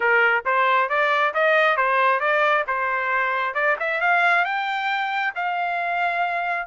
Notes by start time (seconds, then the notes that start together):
0.00 A#4
0.45 C5
0.89 D5
1.34 D#5
1.76 C5
2.20 D5
2.67 C5
3.54 D5
3.79 E5
4.01 F5
4.44 G5
5.35 F5